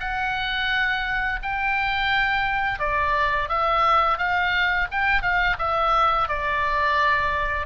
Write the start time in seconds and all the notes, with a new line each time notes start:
0.00 F#5
1.42 G5
2.79 D5
3.49 E5
4.18 F5
4.91 G5
5.22 F5
5.58 E5
6.28 D5